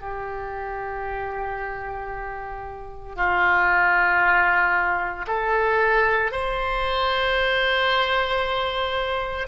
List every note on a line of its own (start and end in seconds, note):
0.00 3.15 G4
3.15 5.26 F4
5.27 6.31 A4
6.31 9.47 C5